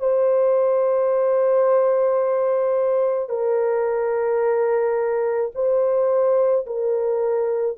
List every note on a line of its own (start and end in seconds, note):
0.00 3.29 C5
3.29 5.52 A#4
5.55 6.66 C5
6.67 7.78 A#4